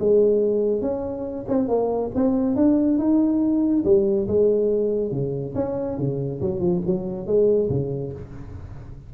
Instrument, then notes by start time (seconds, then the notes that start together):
tuba
0.00 G#3
0.82 C#4
1.48 C4
1.69 A#3
2.15 C4
2.56 D4
2.99 D#4
3.85 G3
4.28 G#3
5.12 C#3
5.55 C#4
5.98 C#3
6.41 F#3
6.60 F3
6.87 F#3
7.27 G#3
7.70 C#3